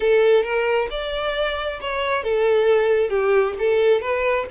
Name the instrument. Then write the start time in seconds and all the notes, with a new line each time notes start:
violin
0.00 A4
0.43 A#4
0.90 D5
1.80 C#5
2.23 A4
3.09 G4
3.58 A4
4.01 B4